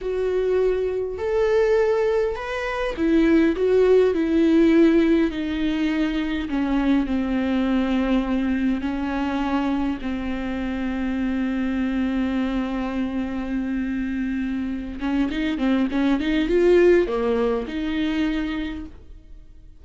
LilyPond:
\new Staff \with { instrumentName = "viola" } { \time 4/4 \tempo 4 = 102 fis'2 a'2 | b'4 e'4 fis'4 e'4~ | e'4 dis'2 cis'4 | c'2. cis'4~ |
cis'4 c'2.~ | c'1~ | c'4. cis'8 dis'8 c'8 cis'8 dis'8 | f'4 ais4 dis'2 | }